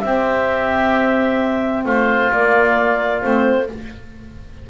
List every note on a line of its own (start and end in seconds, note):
0.00 1.85 C4
0.00 2.32 C4
0.00 1.85 G4
0.00 1.83 E5
1.85 2.31 A3
1.85 3.68 F4
1.85 2.32 C5
2.32 3.23 A#3
2.32 3.22 A#3
2.32 3.21 D5
3.21 3.69 A3
3.21 3.68 C4
3.21 3.67 C5